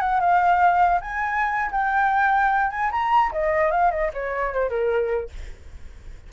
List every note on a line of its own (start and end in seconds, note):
0.00 0.20 F#5
0.20 1.00 F5
1.01 1.71 G#5
1.71 2.70 G5
2.70 2.90 G#5
2.91 3.31 A#5
3.32 3.71 D#5
3.71 3.91 F5
3.91 4.11 D#5
4.13 4.53 C#5
4.53 4.69 C5
4.69 5.29 A#4